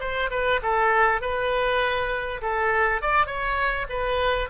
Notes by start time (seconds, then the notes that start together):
0.00 C5
0.31 B4
0.63 A4
1.21 B4
2.42 A4
3.02 D5
3.27 C#5
3.89 B4